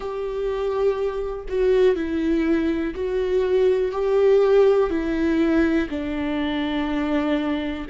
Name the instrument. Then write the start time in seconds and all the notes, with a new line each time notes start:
viola
0.00 G4
1.48 F#4
1.95 E4
2.94 F#4
3.91 G4
4.90 E4
5.89 D4